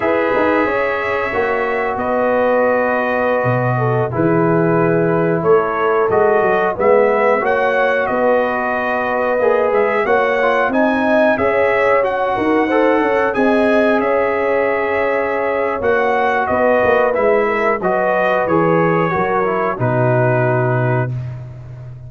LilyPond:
<<
  \new Staff \with { instrumentName = "trumpet" } { \time 4/4 \tempo 4 = 91 e''2. dis''4~ | dis''2~ dis''16 b'4.~ b'16~ | b'16 cis''4 dis''4 e''4 fis''8.~ | fis''16 dis''2~ dis''8 e''8 fis''8.~ |
fis''16 gis''4 e''4 fis''4.~ fis''16~ | fis''16 gis''4 e''2~ e''8. | fis''4 dis''4 e''4 dis''4 | cis''2 b'2 | }
  \new Staff \with { instrumentName = "horn" } { \time 4/4 b'4 cis''2 b'4~ | b'4.~ b'16 a'8 gis'4.~ gis'16~ | gis'16 a'2 b'4 cis''8.~ | cis''16 b'2. cis''8.~ |
cis''16 dis''4 cis''4. ais'8 c''8 cis''16~ | cis''16 dis''4 cis''2~ cis''8.~ | cis''4 b'4. ais'8 b'4~ | b'4 ais'4 fis'2 | }
  \new Staff \with { instrumentName = "trombone" } { \time 4/4 gis'2 fis'2~ | fis'2~ fis'16 e'4.~ e'16~ | e'4~ e'16 fis'4 b4 fis'8.~ | fis'2~ fis'16 gis'4 fis'8 f'16~ |
f'16 dis'4 gis'4 fis'4 a'8.~ | a'16 gis'2.~ gis'8. | fis'2 e'4 fis'4 | gis'4 fis'8 e'8 dis'2 | }
  \new Staff \with { instrumentName = "tuba" } { \time 4/4 e'8 dis'8 cis'4 ais4 b4~ | b4~ b16 b,4 e4.~ e16~ | e16 a4 gis8 fis8 gis4 ais8.~ | ais16 b2 ais8 gis8 ais8.~ |
ais16 c'4 cis'4. dis'4 cis'16~ | cis'16 c'4 cis'2~ cis'8. | ais4 b8 ais8 gis4 fis4 | e4 fis4 b,2 | }
>>